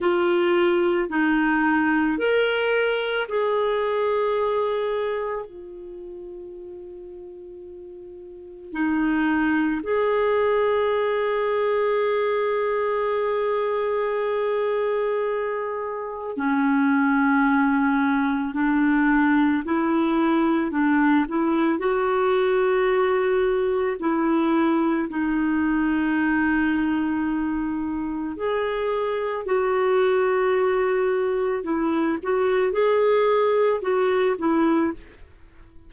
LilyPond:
\new Staff \with { instrumentName = "clarinet" } { \time 4/4 \tempo 4 = 55 f'4 dis'4 ais'4 gis'4~ | gis'4 f'2. | dis'4 gis'2.~ | gis'2. cis'4~ |
cis'4 d'4 e'4 d'8 e'8 | fis'2 e'4 dis'4~ | dis'2 gis'4 fis'4~ | fis'4 e'8 fis'8 gis'4 fis'8 e'8 | }